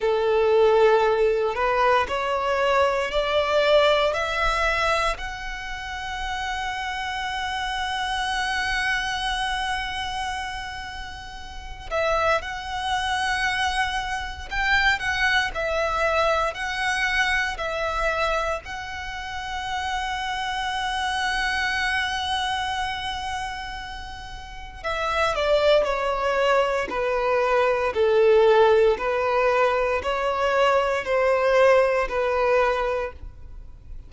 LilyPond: \new Staff \with { instrumentName = "violin" } { \time 4/4 \tempo 4 = 58 a'4. b'8 cis''4 d''4 | e''4 fis''2.~ | fis''2.~ fis''8 e''8 | fis''2 g''8 fis''8 e''4 |
fis''4 e''4 fis''2~ | fis''1 | e''8 d''8 cis''4 b'4 a'4 | b'4 cis''4 c''4 b'4 | }